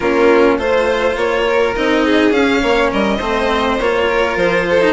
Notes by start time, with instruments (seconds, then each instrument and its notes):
0.00 bassoon A#3, cello C#4, violin F4 A#4
0.57 bassoon A3, cello F4, violin C5
1.16 bassoon A#3, violin C#5
1.48 violin A#4
1.75 bassoon C4, cello D#4, violin D#5
2.05 violin G#4
2.31 cello C#4, bassoon C#4, violin F5
2.61 bassoon A#3, violin C#5
2.91 bassoon G3, violin A#4 D#5
3.17 bassoon A3, cello C4, violin C5
3.80 bassoon A#3, cello F4, violin C#5
4.08 violin A#4
4.35 bassoon F3, violin C5
4.69 violin A4
4.81 cello D#4